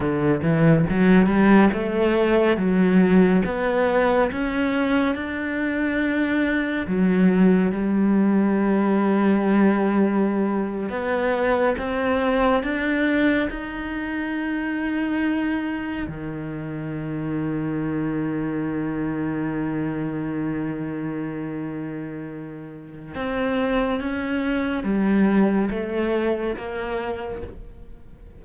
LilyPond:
\new Staff \with { instrumentName = "cello" } { \time 4/4 \tempo 4 = 70 d8 e8 fis8 g8 a4 fis4 | b4 cis'4 d'2 | fis4 g2.~ | g8. b4 c'4 d'4 dis'16~ |
dis'2~ dis'8. dis4~ dis16~ | dis1~ | dis2. c'4 | cis'4 g4 a4 ais4 | }